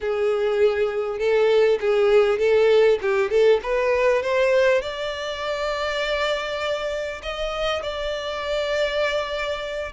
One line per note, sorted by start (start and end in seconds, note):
0.00 1.18 G#4
1.18 1.78 A4
1.80 2.38 G#4
2.38 2.98 A4
3.01 3.30 G4
3.30 3.60 A4
3.62 4.22 B4
4.22 4.81 C5
4.81 7.21 D5
7.22 7.82 D#5
7.82 9.92 D5